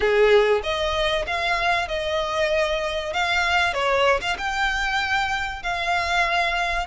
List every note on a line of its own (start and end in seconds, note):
0.00 0.61 G#4
0.62 1.25 D#5
1.26 1.88 F5
1.88 3.12 D#5
3.13 3.73 F5
3.73 4.20 C#5
4.21 4.37 F5
4.38 5.62 G5
5.62 6.86 F5